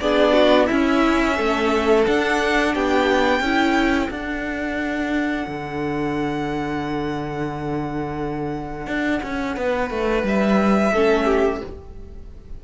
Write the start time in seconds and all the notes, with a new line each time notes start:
0.00 B3 D4 G#4 D5
0.33 F#4
0.66 C#4 E4 E5
1.37 A3 A4
2.06 D4 F#5
2.74 B3 G4 G5
3.40 C#4 E4 A4
4.10 D4 F#5
5.47 D3
8.87 D4
9.22 C#4
9.55 B3 B4
9.90 A3
10.23 G3 E5
10.92 A3 C#4 A4
11.25 G4